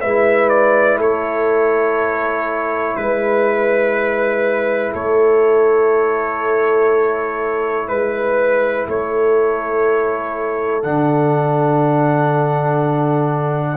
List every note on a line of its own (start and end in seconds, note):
0.00 0.98 G#3
0.00 10.83 E4
0.00 0.98 B4
0.00 0.49 E5
0.49 0.98 D5
0.98 2.94 A3
0.98 2.94 A4
0.98 2.96 C#5
2.96 4.93 G#3
2.96 4.93 B4
2.96 4.92 B4
4.92 7.88 A3
4.92 7.87 A4
4.92 7.88 C#5
7.88 8.86 G#3
7.88 8.86 B4
7.88 8.87 B4
8.87 10.83 A3
8.87 13.77 A4
8.87 10.82 C#5
10.82 13.77 D3
10.82 13.77 D4
10.82 13.77 F#5